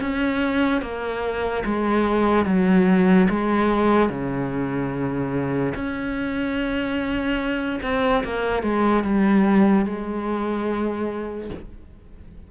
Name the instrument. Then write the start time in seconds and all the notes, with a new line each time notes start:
cello
0.00 C#4
0.81 A#3
1.65 G#3
2.45 F#3
3.30 G#3
4.09 C#3
5.75 C#4
7.82 C4
8.24 A#3
8.63 G#3
9.03 G3
9.86 G#3